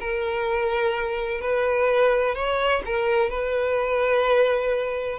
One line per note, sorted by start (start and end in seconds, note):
0.00 1.41 A#4
1.41 2.35 B4
2.35 2.82 C#5
2.86 3.30 A#4
3.30 5.19 B4